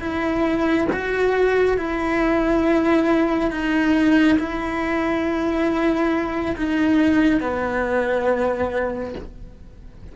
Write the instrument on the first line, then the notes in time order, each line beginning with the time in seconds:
cello
0.00 E4
0.92 F#4
1.77 E4
3.51 D#4
4.39 E4
6.57 D#4
7.40 B3